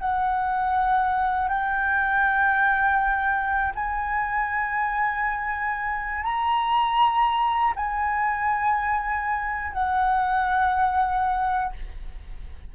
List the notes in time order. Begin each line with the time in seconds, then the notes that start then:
0.00 F#5
1.49 G5
3.75 G#5
6.24 A#5
7.76 G#5
9.73 F#5